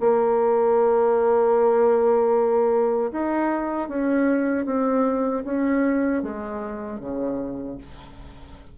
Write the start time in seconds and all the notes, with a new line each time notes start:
0.00 A#3
3.12 D#4
3.89 C#4
4.66 C4
5.45 C#4
6.23 G#3
7.00 C#3